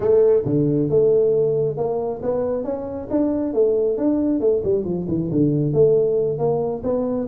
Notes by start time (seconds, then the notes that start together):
0.00 A3
0.45 D3
0.89 A3
1.77 A#3
2.22 B3
2.64 C#4
3.10 D4
3.53 A3
3.97 D4
4.40 A3
4.63 G3
4.84 F3
5.08 E3
5.31 D3
5.73 A3
6.38 A#3
6.83 B3